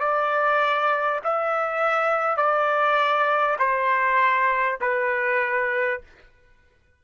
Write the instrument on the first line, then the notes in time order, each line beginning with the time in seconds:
trumpet
0.00 D5
1.24 E5
2.37 D5
3.58 C5
4.81 B4